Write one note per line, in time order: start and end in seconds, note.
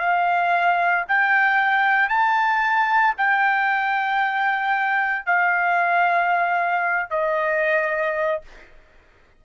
0.00 1.05 F5
1.08 2.10 G5
2.10 3.15 A5
3.18 5.26 G5
5.26 7.10 F5
7.11 8.42 D#5